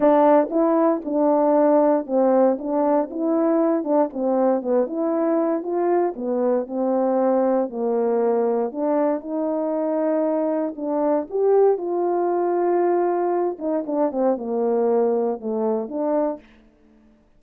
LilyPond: \new Staff \with { instrumentName = "horn" } { \time 4/4 \tempo 4 = 117 d'4 e'4 d'2 | c'4 d'4 e'4. d'8 | c'4 b8 e'4. f'4 | b4 c'2 ais4~ |
ais4 d'4 dis'2~ | dis'4 d'4 g'4 f'4~ | f'2~ f'8 dis'8 d'8 c'8 | ais2 a4 d'4 | }